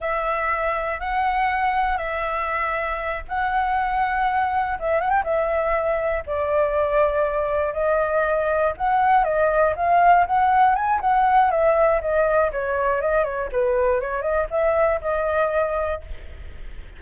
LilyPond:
\new Staff \with { instrumentName = "flute" } { \time 4/4 \tempo 4 = 120 e''2 fis''2 | e''2~ e''8 fis''4.~ | fis''4. e''8 fis''16 g''16 e''4.~ | e''8 d''2. dis''8~ |
dis''4. fis''4 dis''4 f''8~ | f''8 fis''4 gis''8 fis''4 e''4 | dis''4 cis''4 dis''8 cis''8 b'4 | cis''8 dis''8 e''4 dis''2 | }